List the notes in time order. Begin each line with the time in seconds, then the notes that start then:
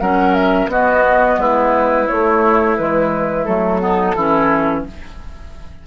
0.00 F#3 C#4 A#4 F#5
0.34 E5
0.67 B3 F#4 D#5
1.38 G#3 E4 B4
2.07 A3 C#5
2.76 E3 G#3 B4
3.45 F#3 A3 A4
3.80 B3 D#4
4.15 E3 C#4 E4